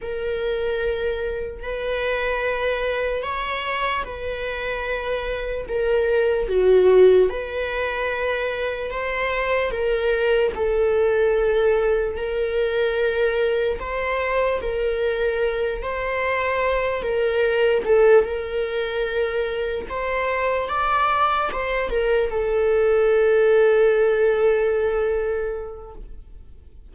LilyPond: \new Staff \with { instrumentName = "viola" } { \time 4/4 \tempo 4 = 74 ais'2 b'2 | cis''4 b'2 ais'4 | fis'4 b'2 c''4 | ais'4 a'2 ais'4~ |
ais'4 c''4 ais'4. c''8~ | c''4 ais'4 a'8 ais'4.~ | ais'8 c''4 d''4 c''8 ais'8 a'8~ | a'1 | }